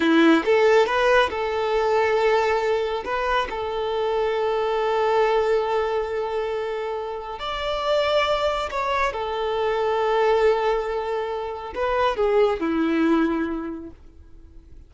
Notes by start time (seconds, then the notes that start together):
0.00 E4
0.45 A4
0.86 B4
1.29 A4
3.04 B4
3.50 A4
7.39 D5
8.71 C#5
9.12 A4
11.74 B4
12.16 G#4
12.60 E4